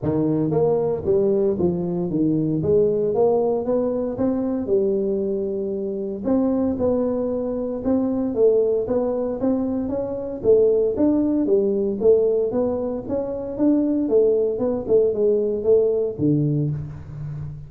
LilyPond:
\new Staff \with { instrumentName = "tuba" } { \time 4/4 \tempo 4 = 115 dis4 ais4 g4 f4 | dis4 gis4 ais4 b4 | c'4 g2. | c'4 b2 c'4 |
a4 b4 c'4 cis'4 | a4 d'4 g4 a4 | b4 cis'4 d'4 a4 | b8 a8 gis4 a4 d4 | }